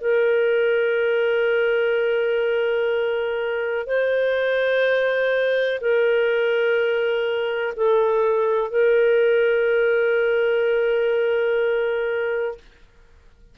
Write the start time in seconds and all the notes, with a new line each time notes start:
0.00 A#4
3.86 C5
5.80 A#4
7.76 A4
8.70 A#4